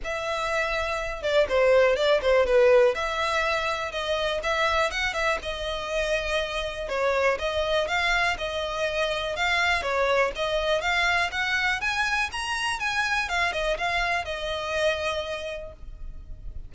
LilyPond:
\new Staff \with { instrumentName = "violin" } { \time 4/4 \tempo 4 = 122 e''2~ e''8 d''8 c''4 | d''8 c''8 b'4 e''2 | dis''4 e''4 fis''8 e''8 dis''4~ | dis''2 cis''4 dis''4 |
f''4 dis''2 f''4 | cis''4 dis''4 f''4 fis''4 | gis''4 ais''4 gis''4 f''8 dis''8 | f''4 dis''2. | }